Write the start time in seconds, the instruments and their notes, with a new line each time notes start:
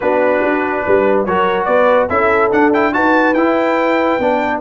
0.00 tuba B3, trombone D4, horn F#4, trumpet B4
0.42 tuba D4
0.85 tuba G3, horn B4
1.25 tuba F#3, trombone F#4, horn A#4, trumpet C#5
1.64 tuba B3, horn B4, trumpet D5
2.09 tuba C#4, trombone E4, horn A4, trumpet E5
2.51 trombone D4, tuba D4, trumpet F#5
2.73 trombone E4, trumpet G5
2.92 tuba D#4, trombone F#4, horn B4, trumpet A5
3.34 tuba E4, trombone E4, trumpet G5
4.19 tuba B3, trombone D4